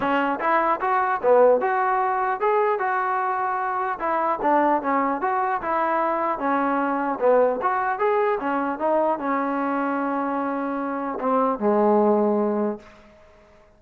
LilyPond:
\new Staff \with { instrumentName = "trombone" } { \time 4/4 \tempo 4 = 150 cis'4 e'4 fis'4 b4 | fis'2 gis'4 fis'4~ | fis'2 e'4 d'4 | cis'4 fis'4 e'2 |
cis'2 b4 fis'4 | gis'4 cis'4 dis'4 cis'4~ | cis'1 | c'4 gis2. | }